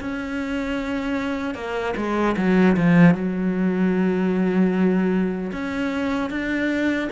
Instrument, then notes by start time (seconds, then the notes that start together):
cello
0.00 C#4
1.55 A#3
1.96 G#3
2.37 F#3
2.77 F3
3.14 F#3
5.52 C#4
6.30 D4